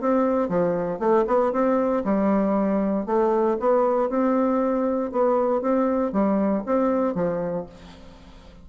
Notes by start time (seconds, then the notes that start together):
0.00 C4
0.48 F3
0.99 A3
1.27 B3
1.52 C4
2.04 G3
3.06 A3
3.59 B3
4.09 C4
5.11 B3
5.61 C4
6.12 G3
6.66 C4
7.14 F3